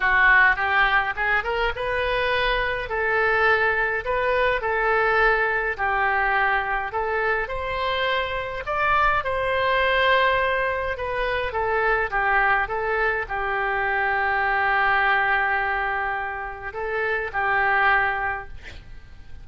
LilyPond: \new Staff \with { instrumentName = "oboe" } { \time 4/4 \tempo 4 = 104 fis'4 g'4 gis'8 ais'8 b'4~ | b'4 a'2 b'4 | a'2 g'2 | a'4 c''2 d''4 |
c''2. b'4 | a'4 g'4 a'4 g'4~ | g'1~ | g'4 a'4 g'2 | }